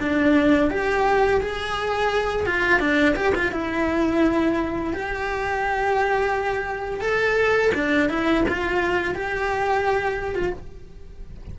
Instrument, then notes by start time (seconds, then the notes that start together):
cello
0.00 D4
0.70 G4
1.41 G#4
2.46 F4
2.79 D4
3.16 G4
3.35 F4
3.52 E4
4.93 G4
7.01 A4
7.75 D4
8.09 E4
8.48 F4
9.15 G4
10.35 F4